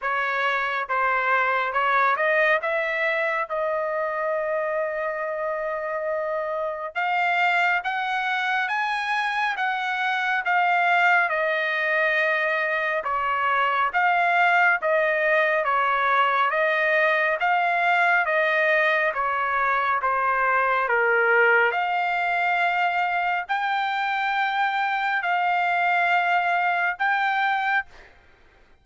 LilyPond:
\new Staff \with { instrumentName = "trumpet" } { \time 4/4 \tempo 4 = 69 cis''4 c''4 cis''8 dis''8 e''4 | dis''1 | f''4 fis''4 gis''4 fis''4 | f''4 dis''2 cis''4 |
f''4 dis''4 cis''4 dis''4 | f''4 dis''4 cis''4 c''4 | ais'4 f''2 g''4~ | g''4 f''2 g''4 | }